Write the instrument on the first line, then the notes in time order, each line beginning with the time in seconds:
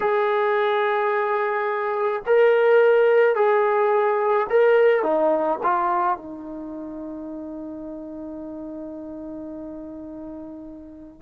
trombone
0.00 G#4
2.26 A#4
3.35 G#4
4.49 A#4
5.02 D#4
5.63 F4
6.16 D#4